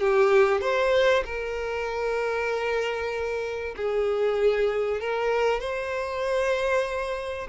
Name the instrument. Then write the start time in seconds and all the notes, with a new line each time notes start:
violin
0.00 G4
0.61 C5
1.25 A#4
3.76 G#4
5.00 A#4
5.60 C5